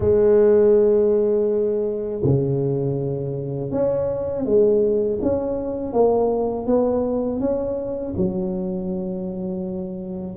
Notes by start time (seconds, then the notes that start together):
0.00 G#3
2.23 C#3
3.71 C#4
4.45 G#3
5.22 C#4
5.93 A#3
6.66 B3
7.40 C#4
8.16 F#3